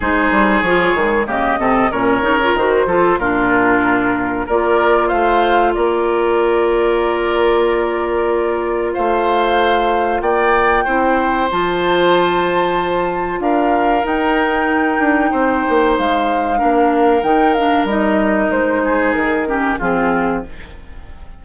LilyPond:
<<
  \new Staff \with { instrumentName = "flute" } { \time 4/4 \tempo 4 = 94 c''4 cis''4 dis''4 cis''4 | c''4 ais'2 d''4 | f''4 d''2.~ | d''2 f''2 |
g''2 a''2~ | a''4 f''4 g''2~ | g''4 f''2 g''8 f''8 | dis''4 c''4 ais'4 gis'4 | }
  \new Staff \with { instrumentName = "oboe" } { \time 4/4 gis'2 g'8 a'8 ais'4~ | ais'8 a'8 f'2 ais'4 | c''4 ais'2.~ | ais'2 c''2 |
d''4 c''2.~ | c''4 ais'2. | c''2 ais'2~ | ais'4. gis'4 g'8 f'4 | }
  \new Staff \with { instrumentName = "clarinet" } { \time 4/4 dis'4 f'8 gis8 ais8 c'8 cis'8 dis'16 f'16 | fis'8 f'8 d'2 f'4~ | f'1~ | f'1~ |
f'4 e'4 f'2~ | f'2 dis'2~ | dis'2 d'4 dis'8 d'8 | dis'2~ dis'8 cis'8 c'4 | }
  \new Staff \with { instrumentName = "bassoon" } { \time 4/4 gis8 g8 f8 dis8 cis8 c8 ais,8 cis8 | dis8 f8 ais,2 ais4 | a4 ais2.~ | ais2 a2 |
ais4 c'4 f2~ | f4 d'4 dis'4. d'8 | c'8 ais8 gis4 ais4 dis4 | g4 gis4 dis4 f4 | }
>>